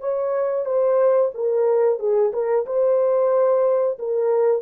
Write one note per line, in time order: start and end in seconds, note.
0.00 0.65 C#5
0.65 1.31 C5
1.34 1.99 A#4
1.99 2.32 G#4
2.33 2.66 A#4
2.66 3.98 C5
3.99 4.62 A#4